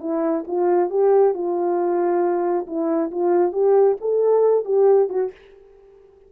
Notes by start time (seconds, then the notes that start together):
0.00 E4
0.47 F4
0.90 G4
1.34 F4
2.67 E4
3.11 F4
3.52 G4
4.01 A4
4.65 G4
5.09 F#4